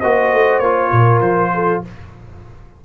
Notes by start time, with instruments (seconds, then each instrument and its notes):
0.00 tuba A#3, trombone F#4, horn C5, trumpet D#5
0.33 tuba A3
0.59 tuba A#3, trombone F4, trumpet C#5
0.91 tuba A#2, horn A#4
1.21 tuba F3, trumpet C5
1.54 horn A4